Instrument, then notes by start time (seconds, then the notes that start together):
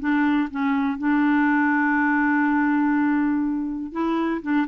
clarinet
0.00 D4
0.51 C#4
0.98 D4
3.92 E4
4.42 D4